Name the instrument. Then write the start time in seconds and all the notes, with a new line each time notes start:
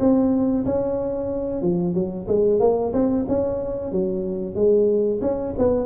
tuba
0.00 C4
0.66 C#4
1.62 F3
1.94 F#3
2.28 G#3
2.60 A#3
2.93 C4
3.28 C#4
3.92 F#3
4.55 G#3
5.22 C#4
5.58 B3